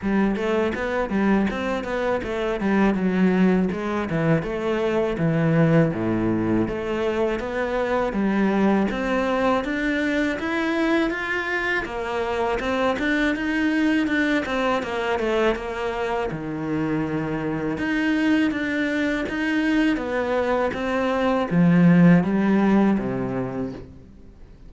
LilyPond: \new Staff \with { instrumentName = "cello" } { \time 4/4 \tempo 4 = 81 g8 a8 b8 g8 c'8 b8 a8 g8 | fis4 gis8 e8 a4 e4 | a,4 a4 b4 g4 | c'4 d'4 e'4 f'4 |
ais4 c'8 d'8 dis'4 d'8 c'8 | ais8 a8 ais4 dis2 | dis'4 d'4 dis'4 b4 | c'4 f4 g4 c4 | }